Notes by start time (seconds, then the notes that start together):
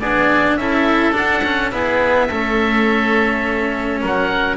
0.00 B3 D4 G#4 D5
0.56 C#4 E4 A4 E5
1.12 D4 F#5
1.44 C#4
1.71 B3 E4 G#4 E5
2.29 A3 C#4 A4
4.01 F#3 A#4 F#5